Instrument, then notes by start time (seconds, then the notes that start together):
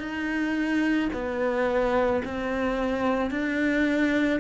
cello
0.00 D#4
1.14 B3
2.25 C4
3.31 D4